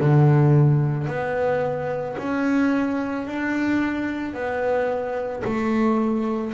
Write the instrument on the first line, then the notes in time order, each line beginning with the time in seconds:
double bass
0.00 D3
1.08 B3
2.19 C#4
3.27 D4
4.34 B3
5.44 A3